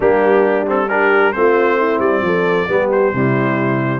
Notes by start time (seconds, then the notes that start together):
0.00 G3 A#3 D4 G4
0.66 C4 A4
0.87 D4 G4 A#4
1.32 A3 C4 F4 C5
1.78 E4
1.99 G3 D5
2.21 F3 A4
2.68 G3 B3 G4
2.91 C5
3.13 C3 G3 E4